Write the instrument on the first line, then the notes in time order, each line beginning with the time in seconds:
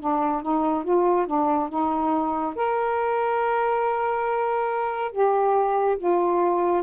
saxophone
0.00 D4
0.42 D#4
0.84 F4
1.27 D4
1.69 D#4
2.56 A#4
5.12 G4
5.98 F4